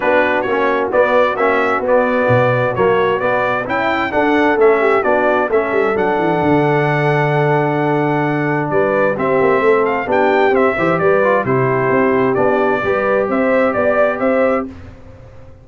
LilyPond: <<
  \new Staff \with { instrumentName = "trumpet" } { \time 4/4 \tempo 4 = 131 b'4 cis''4 d''4 e''4 | d''2 cis''4 d''4 | g''4 fis''4 e''4 d''4 | e''4 fis''2.~ |
fis''2. d''4 | e''4. f''8 g''4 e''4 | d''4 c''2 d''4~ | d''4 e''4 d''4 e''4 | }
  \new Staff \with { instrumentName = "horn" } { \time 4/4 fis'1~ | fis'1 | e'4 a'4. g'8 fis'4 | a'1~ |
a'2. b'4 | g'4 a'4 g'4. c''8 | b'4 g'2. | b'4 c''4 d''4 c''4 | }
  \new Staff \with { instrumentName = "trombone" } { \time 4/4 d'4 cis'4 b4 cis'4 | b2 ais4 b4 | e'4 d'4 cis'4 d'4 | cis'4 d'2.~ |
d'1 | c'2 d'4 c'8 g'8~ | g'8 f'8 e'2 d'4 | g'1 | }
  \new Staff \with { instrumentName = "tuba" } { \time 4/4 b4 ais4 b4 ais4 | b4 b,4 fis4 b4 | cis'4 d'4 a4 b4 | a8 g8 fis8 e8 d2~ |
d2. g4 | c'8 ais8 a4 b4 c'8 e8 | g4 c4 c'4 b4 | g4 c'4 b4 c'4 | }
>>